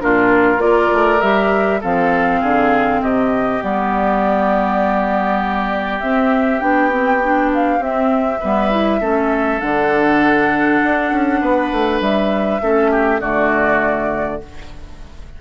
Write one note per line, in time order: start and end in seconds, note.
0.00 0.58 A#2
0.00 0.58 D4
0.00 0.63 F4
0.00 0.61 A#4
0.58 0.88 A#3
0.58 1.19 F4
0.58 1.81 A#4
0.58 1.21 D5
0.93 1.22 A3
1.21 1.82 G3
1.21 1.82 G4
1.21 1.81 E5
1.81 2.43 F3
1.81 3.61 C4
1.81 2.41 A4
1.81 3.03 F5
2.41 3.02 D3
2.41 3.01 G#4
3.02 3.62 C3
3.02 8.40 G4
3.02 3.63 D#5
3.61 6.02 G3
3.61 6.01 B3
3.61 6.01 D5
6.01 6.61 C4
6.01 6.61 E5
6.61 7.79 B3
6.61 6.91 D4
6.61 7.51 G5
6.91 7.21 C4
7.24 7.80 D4
7.54 7.83 F5
7.79 8.39 C4
7.79 8.40 C4
7.79 9.61 E5
8.40 9.01 G3
8.40 8.71 B3
8.40 9.00 B4
8.71 9.01 E4
9.01 9.61 A3
9.01 9.61 C#4
9.01 11.41 A4
9.61 10.82 D3
9.61 12.61 D4
9.61 12.01 F#5
10.83 11.12 D4
11.12 11.42 C#4
11.42 11.71 B3
11.42 12.62 B4
11.73 12.01 A3
12.01 12.61 G3
12.01 13.21 E5
12.62 13.21 A3
12.62 13.21 C#4
12.62 12.92 A4
12.92 13.21 G4
13.21 14.41 D3
13.21 14.41 A3
13.21 14.41 F#4
13.21 14.41 D5